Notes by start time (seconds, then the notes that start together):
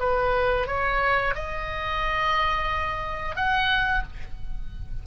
0.00 B4
0.67 C#5
1.35 D#5
3.36 F#5